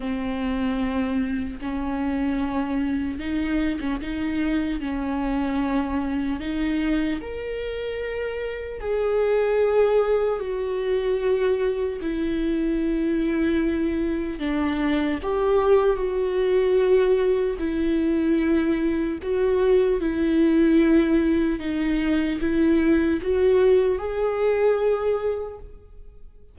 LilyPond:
\new Staff \with { instrumentName = "viola" } { \time 4/4 \tempo 4 = 75 c'2 cis'2 | dis'8. cis'16 dis'4 cis'2 | dis'4 ais'2 gis'4~ | gis'4 fis'2 e'4~ |
e'2 d'4 g'4 | fis'2 e'2 | fis'4 e'2 dis'4 | e'4 fis'4 gis'2 | }